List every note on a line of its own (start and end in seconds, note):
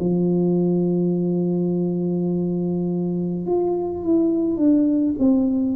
0.00 3.46 F3
3.46 4.03 F4
4.03 4.57 E4
4.57 5.15 D4
5.19 5.76 C4